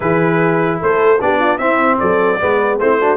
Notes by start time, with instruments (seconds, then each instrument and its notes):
0.00 tuba E3, trombone E4, horn G#4, trumpet B4
0.80 tuba A3, horn A4, trumpet C5
1.21 tuba B3, trombone D4, horn G4, trumpet D5
1.39 horn F4
1.58 tuba C4, trombone C4, horn E4, trumpet E5
1.99 tuba F#3, horn A4, trumpet D5
2.40 tuba G#3, trombone B3, horn B4
2.79 tuba A3, trombone C4, horn E4, trumpet C5
3.00 trombone D4, horn F#4